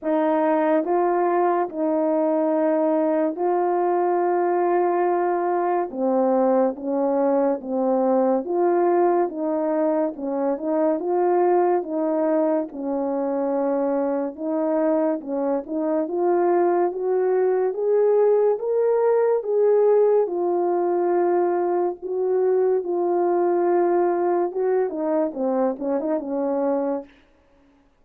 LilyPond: \new Staff \with { instrumentName = "horn" } { \time 4/4 \tempo 4 = 71 dis'4 f'4 dis'2 | f'2. c'4 | cis'4 c'4 f'4 dis'4 | cis'8 dis'8 f'4 dis'4 cis'4~ |
cis'4 dis'4 cis'8 dis'8 f'4 | fis'4 gis'4 ais'4 gis'4 | f'2 fis'4 f'4~ | f'4 fis'8 dis'8 c'8 cis'16 dis'16 cis'4 | }